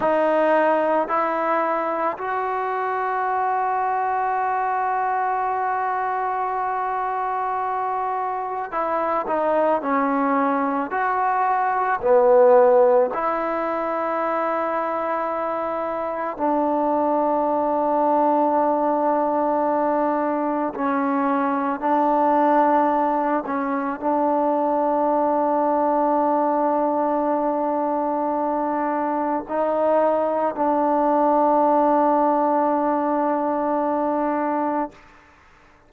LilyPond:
\new Staff \with { instrumentName = "trombone" } { \time 4/4 \tempo 4 = 55 dis'4 e'4 fis'2~ | fis'1 | e'8 dis'8 cis'4 fis'4 b4 | e'2. d'4~ |
d'2. cis'4 | d'4. cis'8 d'2~ | d'2. dis'4 | d'1 | }